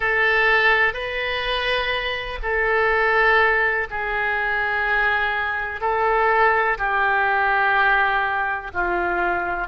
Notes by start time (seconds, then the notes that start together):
0.00 A4
0.93 B4
2.42 A4
3.90 G#4
5.80 A4
6.77 G4
8.73 F4